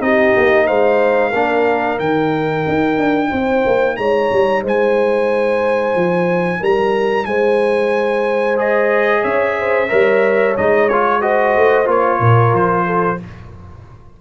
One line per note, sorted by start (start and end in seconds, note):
0.00 0.33 C4
0.00 1.32 D#4
0.00 0.66 G4
0.00 0.67 D#5
0.37 0.70 A#3
0.66 1.34 G#3
0.66 1.30 C5
0.66 1.99 F5
1.30 1.99 A#3
1.30 1.98 D4
1.30 3.28 A#4
1.98 2.65 D#3
1.98 8.56 D#4
1.98 3.96 G5
2.68 2.98 D#4
2.98 3.31 D4
3.30 3.65 C4
3.30 3.96 C5
3.66 3.98 A#3
3.96 4.31 G#3
3.96 4.63 C#5
3.96 4.62 A#5
4.33 4.63 G3
4.63 5.95 G#3
4.63 6.60 C5
4.63 6.64 G#5
5.95 6.61 F3
6.60 7.26 G3
6.60 7.26 A#4
6.60 7.25 A#5
7.25 9.23 G#3
7.25 9.22 C5
7.25 8.57 G#5
8.56 9.88 G#4
8.56 9.24 D#5
9.22 9.90 C#4
9.22 9.55 C#5
9.22 10.56 E5
9.58 9.89 C5
9.89 10.58 G3
9.89 10.55 A#4
9.89 11.21 C#5
10.57 11.56 G#3
10.57 10.90 D#4
10.57 10.89 D#5
10.89 11.22 F4
10.89 11.22 C#5
11.21 11.85 F#4
11.21 12.20 C5
11.21 11.88 D#5
11.56 11.87 A3
11.85 12.20 A#3
11.85 13.17 F4
11.85 12.55 C#5
12.20 12.53 A#2
12.20 12.86 A#4
12.53 13.19 F3
12.53 13.21 C5
12.86 13.19 A4